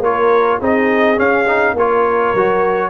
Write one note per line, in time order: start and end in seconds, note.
0.00 0.58 A#3
0.00 0.61 F4
0.00 0.59 A#4
0.00 0.61 C#5
0.59 1.19 C4
0.59 1.17 D#4
0.59 1.75 G#4
0.59 1.19 D#5
1.17 1.46 C#4
1.17 1.74 C#4
1.17 1.77 F5
1.48 1.76 D#4
1.74 2.32 A#3
1.74 2.37 F4
1.74 2.90 A#4
1.74 2.90 C#5
2.34 2.90 F#3
2.34 2.90 F#4